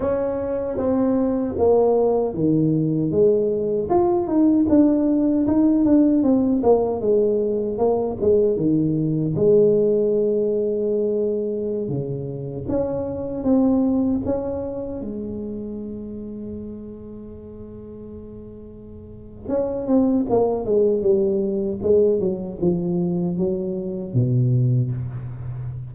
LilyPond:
\new Staff \with { instrumentName = "tuba" } { \time 4/4 \tempo 4 = 77 cis'4 c'4 ais4 dis4 | gis4 f'8 dis'8 d'4 dis'8 d'8 | c'8 ais8 gis4 ais8 gis8 dis4 | gis2.~ gis16 cis8.~ |
cis16 cis'4 c'4 cis'4 gis8.~ | gis1~ | gis4 cis'8 c'8 ais8 gis8 g4 | gis8 fis8 f4 fis4 b,4 | }